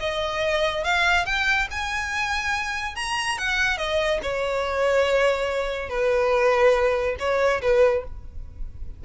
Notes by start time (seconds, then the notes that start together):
0.00 D#5
0.84 F5
1.26 G5
1.71 G#5
2.96 A#5
3.38 F#5
3.78 D#5
4.23 C#5
5.89 B4
7.19 C#5
7.62 B4